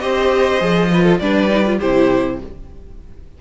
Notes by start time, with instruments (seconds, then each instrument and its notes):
0.00 cello C4, viola G4, violin C5 D#5
0.60 cello F3, viola G#4
0.93 viola F4, violin B4
1.03 violin A4
1.19 cello G3, viola D4, violin B4 D5
1.50 viola D#4
1.66 viola F4
1.78 cello C3, viola E4, violin G4 C5